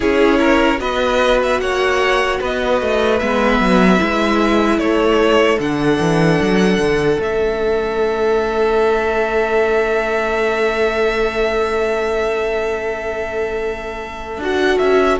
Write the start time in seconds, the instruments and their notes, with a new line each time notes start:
0.00 cello C#4, viola E4, violin G#4 C#5
0.39 violin A#4
0.78 cello B3, viola F#4, violin B4 D#5
1.42 violin E5
1.59 cello A#3, violin C#5 F#5
2.39 cello B3, violin B4 D#5
2.81 cello A3
3.19 cello G#3, viola B3, violin E5
3.60 cello F#3
3.99 cello G#3, viola E4
4.78 cello A3, violin A4 C#5
5.58 cello D3, viola D4, violin F#5
5.99 cello E3
6.41 cello F#3
6.78 cello D3
7.19 cello A3, viola C#4, violin E5
14.37 cello D4, viola F#4, violin F#5
14.78 cello C#4, violin E5